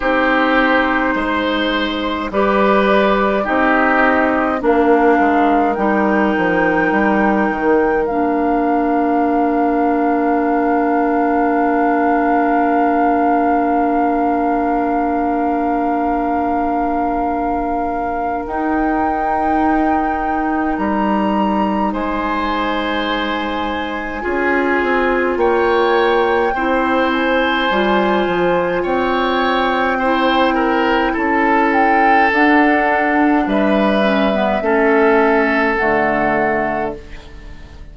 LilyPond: <<
  \new Staff \with { instrumentName = "flute" } { \time 4/4 \tempo 4 = 52 c''2 d''4 dis''4 | f''4 g''2 f''4~ | f''1~ | f''1 |
g''2 ais''4 gis''4~ | gis''2 g''4. gis''8~ | gis''4 g''2 a''8 g''8 | fis''4 e''2 fis''4 | }
  \new Staff \with { instrumentName = "oboe" } { \time 4/4 g'4 c''4 b'4 g'4 | ais'1~ | ais'1~ | ais'1~ |
ais'2. c''4~ | c''4 gis'4 cis''4 c''4~ | c''4 cis''4 c''8 ais'8 a'4~ | a'4 b'4 a'2 | }
  \new Staff \with { instrumentName = "clarinet" } { \time 4/4 dis'2 g'4 dis'4 | d'4 dis'2 d'4~ | d'1~ | d'1 |
dis'1~ | dis'4 f'2 e'4 | f'2 e'2 | d'4. cis'16 b16 cis'4 a4 | }
  \new Staff \with { instrumentName = "bassoon" } { \time 4/4 c'4 gis4 g4 c'4 | ais8 gis8 g8 f8 g8 dis8 ais4~ | ais1~ | ais1 |
dis'2 g4 gis4~ | gis4 cis'8 c'8 ais4 c'4 | g8 f8 c'2 cis'4 | d'4 g4 a4 d4 | }
>>